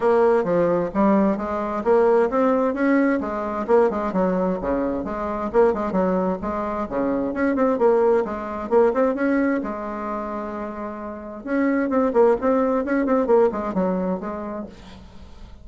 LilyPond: \new Staff \with { instrumentName = "bassoon" } { \time 4/4 \tempo 4 = 131 ais4 f4 g4 gis4 | ais4 c'4 cis'4 gis4 | ais8 gis8 fis4 cis4 gis4 | ais8 gis8 fis4 gis4 cis4 |
cis'8 c'8 ais4 gis4 ais8 c'8 | cis'4 gis2.~ | gis4 cis'4 c'8 ais8 c'4 | cis'8 c'8 ais8 gis8 fis4 gis4 | }